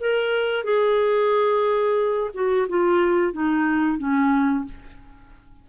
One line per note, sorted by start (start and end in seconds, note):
0.00 0.64 A#4
0.64 2.31 G#4
2.34 2.67 F#4
2.69 3.33 F4
3.33 3.98 D#4
3.98 4.65 C#4